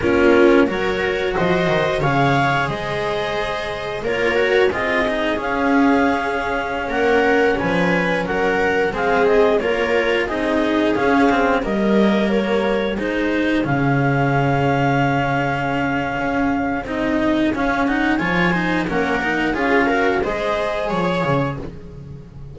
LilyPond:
<<
  \new Staff \with { instrumentName = "clarinet" } { \time 4/4 \tempo 4 = 89 ais'4 cis''4 dis''4 f''4 | dis''2 cis''4 dis''4 | f''2~ f''16 fis''4 gis''8.~ | gis''16 fis''4 f''8 dis''8 cis''4 dis''8.~ |
dis''16 f''4 dis''4 cis''4 c''8.~ | c''16 f''2.~ f''8.~ | f''4 dis''4 f''8 fis''8 gis''4 | fis''4 f''4 dis''4 cis''4 | }
  \new Staff \with { instrumentName = "viola" } { \time 4/4 f'4 ais'4 c''4 cis''4 | c''2 ais'4 gis'4~ | gis'2~ gis'16 ais'4 b'8.~ | b'16 ais'4 gis'4 ais'4 gis'8.~ |
gis'4~ gis'16 ais'2 gis'8.~ | gis'1~ | gis'2. cis''8 c''8 | ais'4 gis'8 ais'8 c''4 cis''4 | }
  \new Staff \with { instrumentName = "cello" } { \time 4/4 cis'4 fis'2 gis'4~ | gis'2 f'8 fis'8 f'8 dis'8 | cis'1~ | cis'4~ cis'16 c'4 f'4 dis'8.~ |
dis'16 cis'8 c'8 ais2 dis'8.~ | dis'16 cis'2.~ cis'8.~ | cis'4 dis'4 cis'8 dis'8 f'8 dis'8 | cis'8 dis'8 f'8 fis'8 gis'2 | }
  \new Staff \with { instrumentName = "double bass" } { \time 4/4 ais4 fis4 f8 dis8 cis4 | gis2 ais4 c'4 | cis'2~ cis'16 ais4 f8.~ | f16 fis4 gis4 ais4 c'8.~ |
c'16 cis'4 g2 gis8.~ | gis16 cis2.~ cis8. | cis'4 c'4 cis'4 f4 | ais4 cis'4 gis4 f8 cis8 | }
>>